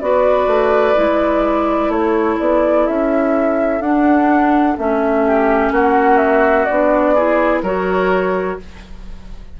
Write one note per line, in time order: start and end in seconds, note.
0.00 0.46 B3
0.00 0.95 F#4
0.00 1.92 B4
0.00 1.90 D5
0.46 0.94 A3
0.95 1.88 G#3
0.95 3.80 E4
1.88 2.36 A3
1.88 5.25 A4
1.88 2.38 C#5
2.39 2.87 B3
2.39 2.87 D5
2.87 3.80 C#4
2.87 3.81 E5
3.80 4.75 D4
3.80 4.77 D4
3.80 4.77 F#5
4.77 5.71 A3
4.77 6.68 C#4
4.77 5.73 E5
5.25 5.72 G4
5.71 6.66 A#3
5.71 7.14 F#4
5.71 6.17 F#5
6.17 6.65 E5
6.65 7.62 B3
6.65 7.17 D4
6.65 7.60 D5
7.14 7.64 E4
7.14 7.62 G#4
7.62 8.57 F#3
7.62 8.60 F#4
7.62 8.58 A#4
7.62 8.59 C#5